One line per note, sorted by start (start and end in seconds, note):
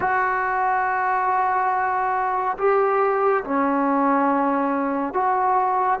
0.00 2.57 F#4
2.58 3.43 G4
3.44 5.14 C#4
5.14 5.99 F#4